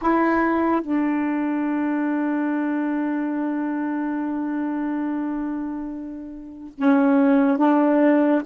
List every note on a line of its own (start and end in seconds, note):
0.01 0.81 E4
0.81 6.73 D4
6.77 7.57 C#4
7.57 8.42 D4